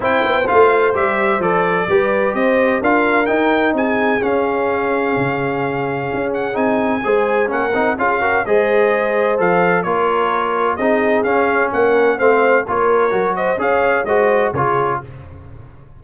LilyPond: <<
  \new Staff \with { instrumentName = "trumpet" } { \time 4/4 \tempo 4 = 128 g''4 f''4 e''4 d''4~ | d''4 dis''4 f''4 g''4 | gis''4 f''2.~ | f''4. fis''8 gis''2 |
fis''4 f''4 dis''2 | f''4 cis''2 dis''4 | f''4 fis''4 f''4 cis''4~ | cis''8 dis''8 f''4 dis''4 cis''4 | }
  \new Staff \with { instrumentName = "horn" } { \time 4/4 c''1 | b'4 c''4 ais'2 | gis'1~ | gis'2. c''4 |
ais'4 gis'8 ais'8 c''2~ | c''4 ais'2 gis'4~ | gis'4 ais'4 c''4 ais'4~ | ais'8 c''8 cis''4 c''4 gis'4 | }
  \new Staff \with { instrumentName = "trombone" } { \time 4/4 e'4 f'4 g'4 a'4 | g'2 f'4 dis'4~ | dis'4 cis'2.~ | cis'2 dis'4 gis'4 |
cis'8 dis'8 f'8 fis'8 gis'2 | a'4 f'2 dis'4 | cis'2 c'4 f'4 | fis'4 gis'4 fis'4 f'4 | }
  \new Staff \with { instrumentName = "tuba" } { \time 4/4 c'8 b8 a4 g4 f4 | g4 c'4 d'4 dis'4 | c'4 cis'2 cis4~ | cis4 cis'4 c'4 gis4 |
ais8 c'8 cis'4 gis2 | f4 ais2 c'4 | cis'4 ais4 a4 ais4 | fis4 cis'4 gis4 cis4 | }
>>